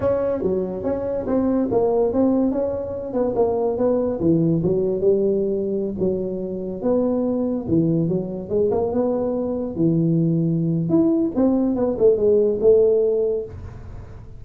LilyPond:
\new Staff \with { instrumentName = "tuba" } { \time 4/4 \tempo 4 = 143 cis'4 fis4 cis'4 c'4 | ais4 c'4 cis'4. b8 | ais4 b4 e4 fis4 | g2~ g16 fis4.~ fis16~ |
fis16 b2 e4 fis8.~ | fis16 gis8 ais8 b2 e8.~ | e2 e'4 c'4 | b8 a8 gis4 a2 | }